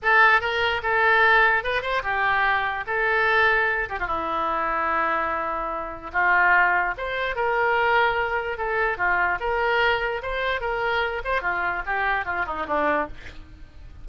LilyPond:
\new Staff \with { instrumentName = "oboe" } { \time 4/4 \tempo 4 = 147 a'4 ais'4 a'2 | b'8 c''8 g'2 a'4~ | a'4. g'16 f'16 e'2~ | e'2. f'4~ |
f'4 c''4 ais'2~ | ais'4 a'4 f'4 ais'4~ | ais'4 c''4 ais'4. c''8 | f'4 g'4 f'8 dis'8 d'4 | }